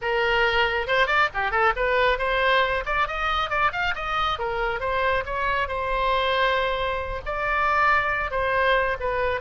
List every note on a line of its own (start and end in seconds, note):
0.01 0.87 A#4
0.87 1.07 C5
1.07 1.28 D5
1.34 1.51 G4
1.51 1.73 A4
1.76 2.18 B4
2.18 2.84 C5
2.85 3.07 D5
3.07 3.49 D#5
3.49 3.71 D5
3.72 3.94 F5
3.95 4.39 D#5
4.39 4.80 A#4
4.80 5.23 C5
5.25 5.68 C#5
5.68 7.21 C5
7.25 8.31 D5
8.31 8.96 C5
9.00 9.40 B4